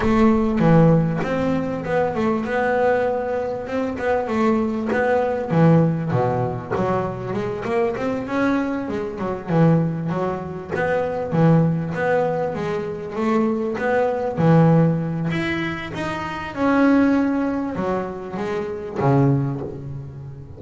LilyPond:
\new Staff \with { instrumentName = "double bass" } { \time 4/4 \tempo 4 = 98 a4 e4 c'4 b8 a8 | b2 c'8 b8 a4 | b4 e4 b,4 fis4 | gis8 ais8 c'8 cis'4 gis8 fis8 e8~ |
e8 fis4 b4 e4 b8~ | b8 gis4 a4 b4 e8~ | e4 e'4 dis'4 cis'4~ | cis'4 fis4 gis4 cis4 | }